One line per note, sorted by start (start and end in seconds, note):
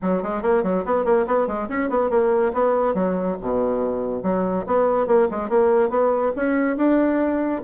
0.01 0.22 F#3
0.22 0.42 G#3
0.42 0.63 A#3
0.63 0.84 F#3
0.85 1.04 B3
1.04 1.26 A#3
1.26 1.47 B3
1.47 1.68 G#3
1.68 1.89 C#4
1.89 2.10 B3
2.10 2.52 A#3
2.53 2.94 B3
2.94 3.36 F#3
3.41 4.22 B2
4.22 4.65 F#3
4.66 5.06 B3
5.06 5.28 A#3
5.30 5.49 G#3
5.49 5.89 A#3
5.89 6.31 B3
6.36 6.77 C#4
6.77 7.61 D4